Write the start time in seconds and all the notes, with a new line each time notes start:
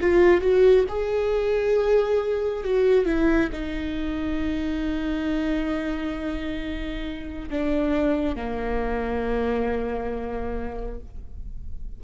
0.00 F4
0.41 F#4
0.88 G#4
2.63 F#4
3.05 E4
3.52 D#4
7.50 D4
8.35 A#3